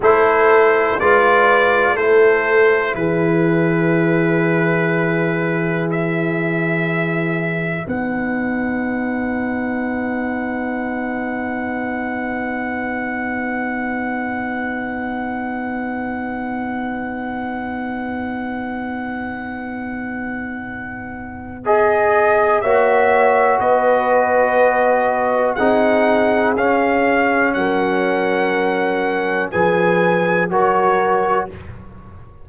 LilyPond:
<<
  \new Staff \with { instrumentName = "trumpet" } { \time 4/4 \tempo 4 = 61 c''4 d''4 c''4 b'4~ | b'2 e''2 | fis''1~ | fis''1~ |
fis''1~ | fis''2 dis''4 e''4 | dis''2 fis''4 f''4 | fis''2 gis''4 cis''4 | }
  \new Staff \with { instrumentName = "horn" } { \time 4/4 a'4 b'4 a'4 gis'4~ | gis'1 | b'1~ | b'1~ |
b'1~ | b'2. cis''4 | b'2 gis'2 | ais'2 b'4 ais'4 | }
  \new Staff \with { instrumentName = "trombone" } { \time 4/4 e'4 f'4 e'2~ | e'1 | dis'1~ | dis'1~ |
dis'1~ | dis'2 gis'4 fis'4~ | fis'2 dis'4 cis'4~ | cis'2 gis'4 fis'4 | }
  \new Staff \with { instrumentName = "tuba" } { \time 4/4 a4 gis4 a4 e4~ | e1 | b1~ | b1~ |
b1~ | b2. ais4 | b2 c'4 cis'4 | fis2 f4 fis4 | }
>>